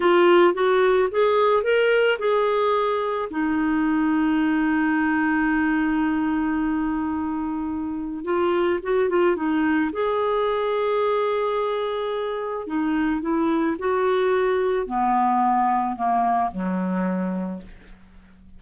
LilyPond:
\new Staff \with { instrumentName = "clarinet" } { \time 4/4 \tempo 4 = 109 f'4 fis'4 gis'4 ais'4 | gis'2 dis'2~ | dis'1~ | dis'2. f'4 |
fis'8 f'8 dis'4 gis'2~ | gis'2. dis'4 | e'4 fis'2 b4~ | b4 ais4 fis2 | }